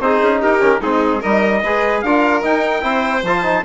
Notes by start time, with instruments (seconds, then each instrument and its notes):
0.00 bassoon C4, trombone D#4, violin G#4, trumpet C5
0.21 bassoon C#4
0.41 bassoon D#4, violin G4, trumpet A#4
0.60 bassoon D#3, trombone C#4
0.81 bassoon G#3, trombone C4, violin D#4, trumpet G#4
1.20 bassoon G3, trombone D#4, violin A#4, trumpet D#5
1.63 bassoon G#3, trombone G#4, violin B4
2.01 bassoon D4, trombone F4, violin A#4, trumpet F5
2.42 trombone D#4, bassoon D#4, trumpet G5
2.81 bassoon C4, trombone E4, violin C5
3.23 bassoon F3, trombone F4, trumpet A5
3.43 trombone D#4